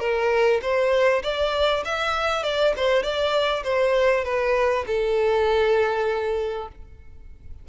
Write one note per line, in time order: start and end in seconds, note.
0.00 0.61 A#4
0.63 1.23 C5
1.23 1.84 D5
1.85 2.44 E5
2.44 2.74 D5
2.77 3.03 C5
3.03 3.64 D5
3.64 4.25 C5
4.25 4.85 B4
4.87 6.69 A4